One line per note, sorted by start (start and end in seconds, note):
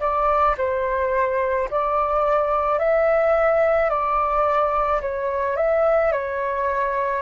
0.00 0.56 D5
0.58 1.69 C5
1.70 2.79 D5
2.79 3.89 E5
3.89 5.01 D5
5.01 5.56 C#5
5.56 6.12 E5
6.12 7.22 C#5